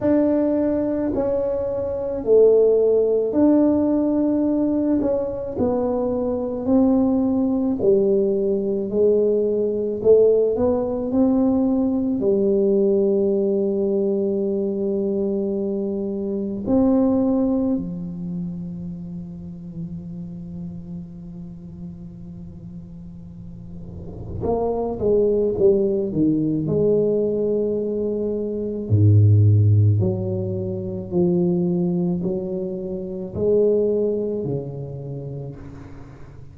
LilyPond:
\new Staff \with { instrumentName = "tuba" } { \time 4/4 \tempo 4 = 54 d'4 cis'4 a4 d'4~ | d'8 cis'8 b4 c'4 g4 | gis4 a8 b8 c'4 g4~ | g2. c'4 |
f1~ | f2 ais8 gis8 g8 dis8 | gis2 gis,4 fis4 | f4 fis4 gis4 cis4 | }